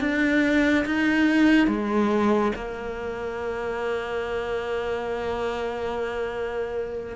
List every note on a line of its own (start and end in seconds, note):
0.00 0.85 D4
0.85 1.67 D#4
1.67 2.52 G#3
2.55 7.16 A#3